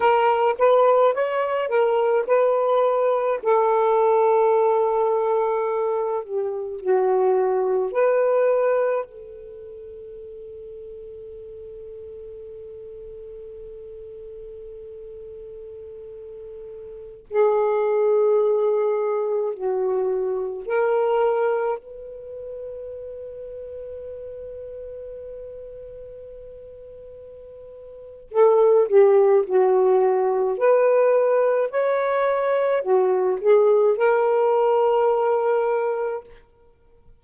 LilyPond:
\new Staff \with { instrumentName = "saxophone" } { \time 4/4 \tempo 4 = 53 ais'8 b'8 cis''8 ais'8 b'4 a'4~ | a'4. g'8 fis'4 b'4 | a'1~ | a'2.~ a'16 gis'8.~ |
gis'4~ gis'16 fis'4 ais'4 b'8.~ | b'1~ | b'4 a'8 g'8 fis'4 b'4 | cis''4 fis'8 gis'8 ais'2 | }